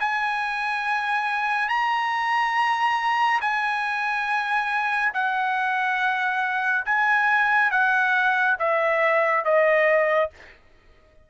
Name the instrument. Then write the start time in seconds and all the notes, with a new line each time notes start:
trumpet
0.00 G#5
1.69 A#5
3.41 G#5
5.14 F#5
6.86 G#5
7.71 F#5
8.59 E5
9.45 D#5